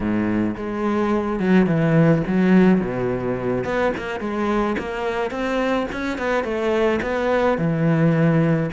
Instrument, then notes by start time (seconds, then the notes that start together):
cello
0.00 G#2
0.56 G#3
1.39 F#3
1.66 E3
2.27 F#3
2.80 B2
3.64 B3
3.97 A#3
4.20 G#3
4.78 A#3
5.30 C4
5.92 C#4
6.18 B3
6.44 A3
7.02 B3
7.58 E3